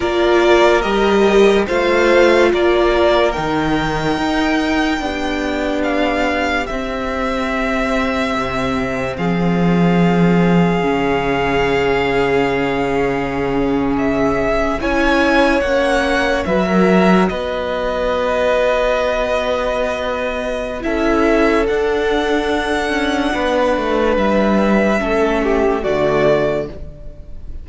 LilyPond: <<
  \new Staff \with { instrumentName = "violin" } { \time 4/4 \tempo 4 = 72 d''4 dis''4 f''4 d''4 | g''2. f''4 | e''2. f''4~ | f''1~ |
f''8. e''4 gis''4 fis''4 e''16~ | e''8. dis''2.~ dis''16~ | dis''4 e''4 fis''2~ | fis''4 e''2 d''4 | }
  \new Staff \with { instrumentName = "violin" } { \time 4/4 ais'2 c''4 ais'4~ | ais'2 g'2~ | g'2. gis'4~ | gis'1~ |
gis'4.~ gis'16 cis''2 b'16 | ais'8. b'2.~ b'16~ | b'4 a'2. | b'2 a'8 g'8 fis'4 | }
  \new Staff \with { instrumentName = "viola" } { \time 4/4 f'4 g'4 f'2 | dis'2 d'2 | c'1~ | c'4 cis'2.~ |
cis'4.~ cis'16 e'4 cis'4 fis'16~ | fis'1~ | fis'4 e'4 d'2~ | d'2 cis'4 a4 | }
  \new Staff \with { instrumentName = "cello" } { \time 4/4 ais4 g4 a4 ais4 | dis4 dis'4 b2 | c'2 c4 f4~ | f4 cis2.~ |
cis4.~ cis16 cis'4 ais4 fis16~ | fis8. b2.~ b16~ | b4 cis'4 d'4. cis'8 | b8 a8 g4 a4 d4 | }
>>